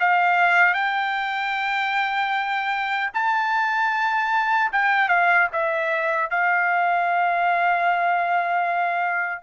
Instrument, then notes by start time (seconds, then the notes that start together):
trumpet
0.00 F5
0.74 G5
3.14 A5
4.72 G5
5.08 F5
5.53 E5
6.31 F5